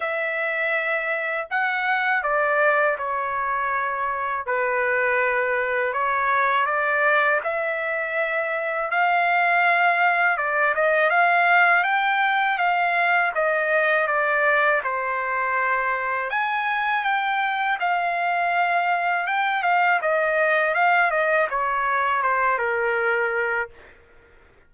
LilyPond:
\new Staff \with { instrumentName = "trumpet" } { \time 4/4 \tempo 4 = 81 e''2 fis''4 d''4 | cis''2 b'2 | cis''4 d''4 e''2 | f''2 d''8 dis''8 f''4 |
g''4 f''4 dis''4 d''4 | c''2 gis''4 g''4 | f''2 g''8 f''8 dis''4 | f''8 dis''8 cis''4 c''8 ais'4. | }